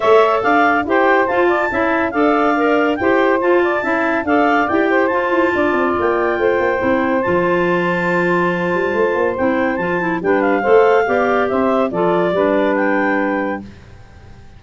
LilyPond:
<<
  \new Staff \with { instrumentName = "clarinet" } { \time 4/4 \tempo 4 = 141 e''4 f''4 g''4 a''4~ | a''4 f''2 g''4 | a''2 f''4 g''4 | a''2 g''2~ |
g''4 a''2.~ | a''2 g''4 a''4 | g''8 f''2~ f''8 e''4 | d''2 g''2 | }
  \new Staff \with { instrumentName = "saxophone" } { \time 4/4 cis''4 d''4 c''4. d''8 | e''4 d''2 c''4~ | c''8 d''8 e''4 d''4. c''8~ | c''4 d''2 c''4~ |
c''1~ | c''1 | b'4 c''4 d''4 c''4 | a'4 b'2. | }
  \new Staff \with { instrumentName = "clarinet" } { \time 4/4 a'2 g'4 f'4 | e'4 a'4 ais'4 g'4 | f'4 e'4 a'4 g'4 | f'1 |
e'4 f'2.~ | f'2 e'4 f'8 e'8 | d'4 a'4 g'2 | f'4 d'2. | }
  \new Staff \with { instrumentName = "tuba" } { \time 4/4 a4 d'4 e'4 f'4 | cis'4 d'2 e'4 | f'4 cis'4 d'4 e'4 | f'8 e'8 d'8 c'8 ais4 a8 ais8 |
c'4 f2.~ | f8 g8 a8 ais8 c'4 f4 | g4 a4 b4 c'4 | f4 g2. | }
>>